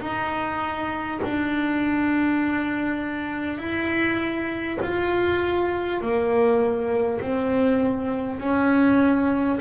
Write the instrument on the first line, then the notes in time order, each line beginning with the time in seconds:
double bass
0.00 D#4
1.23 D4
3.58 E4
4.82 F4
6.01 A#3
7.21 C4
8.39 C#4